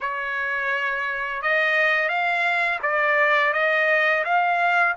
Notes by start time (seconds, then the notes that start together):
0.00 C#5
1.41 D#5
2.08 F5
2.82 D5
3.53 D#5
4.24 F5